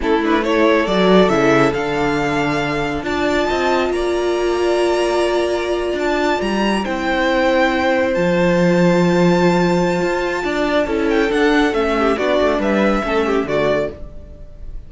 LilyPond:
<<
  \new Staff \with { instrumentName = "violin" } { \time 4/4 \tempo 4 = 138 a'8 b'8 cis''4 d''4 e''4 | f''2. a''4~ | a''4 ais''2.~ | ais''4.~ ais''16 a''4 ais''4 g''16~ |
g''2~ g''8. a''4~ a''16~ | a''1~ | a''4. g''8 fis''4 e''4 | d''4 e''2 d''4 | }
  \new Staff \with { instrumentName = "violin" } { \time 4/4 e'4 a'2.~ | a'2. d''4 | dis''4 d''2.~ | d''2.~ d''8. c''16~ |
c''1~ | c''1 | d''4 a'2~ a'8 g'8 | fis'4 b'4 a'8 g'8 fis'4 | }
  \new Staff \with { instrumentName = "viola" } { \time 4/4 cis'8 d'8 e'4 fis'4 e'4 | d'2. f'4~ | f'1~ | f'2.~ f'8. e'16~ |
e'2~ e'8. f'4~ f'16~ | f'1~ | f'4 e'4 d'4 cis'4 | d'2 cis'4 a4 | }
  \new Staff \with { instrumentName = "cello" } { \time 4/4 a2 fis4 cis4 | d2. d'4 | c'4 ais2.~ | ais4.~ ais16 d'4 g4 c'16~ |
c'2~ c'8. f4~ f16~ | f2. f'4 | d'4 cis'4 d'4 a4 | b8 a8 g4 a4 d4 | }
>>